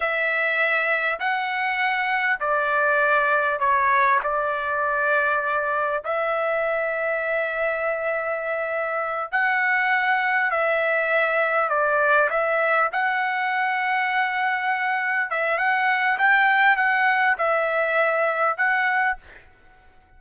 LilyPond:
\new Staff \with { instrumentName = "trumpet" } { \time 4/4 \tempo 4 = 100 e''2 fis''2 | d''2 cis''4 d''4~ | d''2 e''2~ | e''2.~ e''8 fis''8~ |
fis''4. e''2 d''8~ | d''8 e''4 fis''2~ fis''8~ | fis''4. e''8 fis''4 g''4 | fis''4 e''2 fis''4 | }